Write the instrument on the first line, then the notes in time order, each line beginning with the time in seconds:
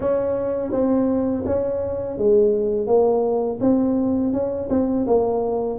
tuba
0.00 C#4
0.71 C4
1.45 C#4
2.17 G#3
2.87 A#3
3.60 C4
4.32 C#4
4.69 C4
5.06 A#3